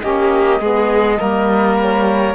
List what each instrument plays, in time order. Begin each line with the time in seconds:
0.00 cello A#3, saxophone C#4, violin G4, flute D#5
0.60 cello G#3, saxophone B3, violin G#4
1.17 cello G3, saxophone A#3, violin A#4
1.80 flute C#5